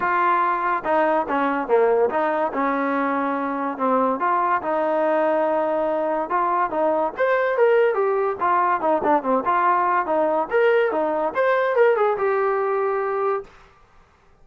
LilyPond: \new Staff \with { instrumentName = "trombone" } { \time 4/4 \tempo 4 = 143 f'2 dis'4 cis'4 | ais4 dis'4 cis'2~ | cis'4 c'4 f'4 dis'4~ | dis'2. f'4 |
dis'4 c''4 ais'4 g'4 | f'4 dis'8 d'8 c'8 f'4. | dis'4 ais'4 dis'4 c''4 | ais'8 gis'8 g'2. | }